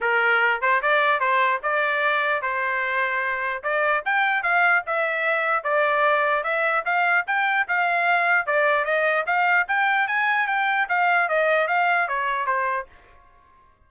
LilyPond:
\new Staff \with { instrumentName = "trumpet" } { \time 4/4 \tempo 4 = 149 ais'4. c''8 d''4 c''4 | d''2 c''2~ | c''4 d''4 g''4 f''4 | e''2 d''2 |
e''4 f''4 g''4 f''4~ | f''4 d''4 dis''4 f''4 | g''4 gis''4 g''4 f''4 | dis''4 f''4 cis''4 c''4 | }